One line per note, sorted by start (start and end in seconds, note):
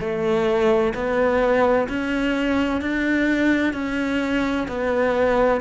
0.00 0.94 A3
0.95 1.88 B3
1.89 2.82 C#4
2.82 3.73 D4
3.73 4.67 C#4
4.68 5.61 B3